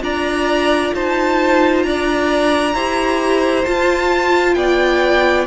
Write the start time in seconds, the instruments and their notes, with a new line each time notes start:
0.00 cello D4, viola F4, violin D5 A#5
0.93 cello D#4, violin C5 A5
1.83 cello D4, violin D5 A#5
2.74 cello E4, viola G4, violin C5
3.65 viola F4, cello F4, violin A5
4.54 cello B3, violin D5 G5